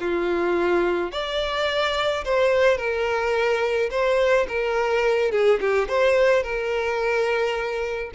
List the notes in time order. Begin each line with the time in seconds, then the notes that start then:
0.00 F4
1.12 D5
2.25 C5
2.78 A#4
3.90 C5
4.48 A#4
5.31 G#4
5.61 G4
5.88 C5
6.43 A#4